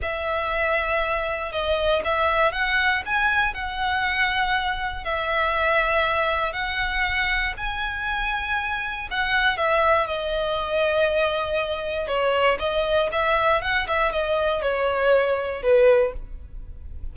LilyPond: \new Staff \with { instrumentName = "violin" } { \time 4/4 \tempo 4 = 119 e''2. dis''4 | e''4 fis''4 gis''4 fis''4~ | fis''2 e''2~ | e''4 fis''2 gis''4~ |
gis''2 fis''4 e''4 | dis''1 | cis''4 dis''4 e''4 fis''8 e''8 | dis''4 cis''2 b'4 | }